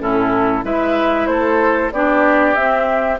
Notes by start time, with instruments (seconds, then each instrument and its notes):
0.00 bassoon A2, clarinet C#4, oboe E4, flute A4
0.64 bassoon G#3, clarinet E4, oboe B4, flute E5
1.27 bassoon A3, oboe A4, flute C5
1.92 bassoon B3, clarinet D4, oboe G4, flute D5
2.55 clarinet C4, bassoon C4, flute E5